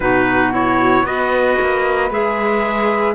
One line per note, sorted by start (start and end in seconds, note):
0.00 1.02 B2
0.00 0.52 D#4
0.00 1.04 F#4
0.00 0.52 B4
0.52 1.05 E4
0.52 1.05 C#5
1.02 1.55 B3
1.02 2.10 F#4
1.02 3.14 B4
1.02 2.11 D#5
1.61 2.10 A#3
2.10 3.15 G#3
2.10 3.15 G#4
2.10 3.15 E5